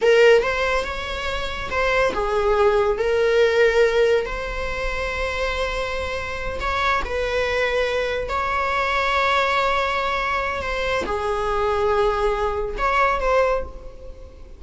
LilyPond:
\new Staff \with { instrumentName = "viola" } { \time 4/4 \tempo 4 = 141 ais'4 c''4 cis''2 | c''4 gis'2 ais'4~ | ais'2 c''2~ | c''2.~ c''8 cis''8~ |
cis''8 b'2. cis''8~ | cis''1~ | cis''4 c''4 gis'2~ | gis'2 cis''4 c''4 | }